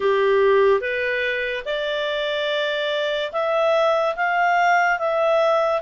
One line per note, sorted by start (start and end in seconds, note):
0.00 0.80 G4
0.80 1.64 B4
1.65 3.31 D5
3.32 4.15 E5
4.16 4.98 F5
4.98 5.81 E5